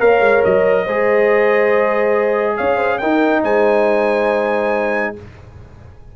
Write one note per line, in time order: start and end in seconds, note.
0.00 0.21 A#3
0.00 0.86 A#4
0.00 0.85 C#5
0.00 0.43 F5
0.21 0.42 G#3
0.44 0.88 F#3
0.44 2.58 D#5
0.85 2.59 G#3
0.85 3.02 G#4
0.85 2.56 C5
2.57 3.03 C#4
2.57 2.76 C#5
2.57 2.99 F5
2.76 2.98 C5
2.99 5.16 D#4
2.99 3.44 D#4
2.99 3.43 A#4
2.99 3.42 G5
3.44 5.15 G#3
3.44 5.15 C5
3.44 5.16 G#5